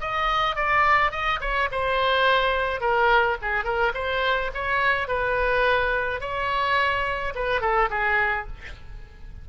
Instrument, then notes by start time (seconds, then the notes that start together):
oboe
0.00 D#5
0.56 D5
1.11 D#5
1.40 C#5
1.71 C5
2.80 A#4
3.41 G#4
3.64 A#4
3.94 C5
4.54 C#5
5.08 B4
6.21 C#5
7.35 B4
7.61 A4
7.90 G#4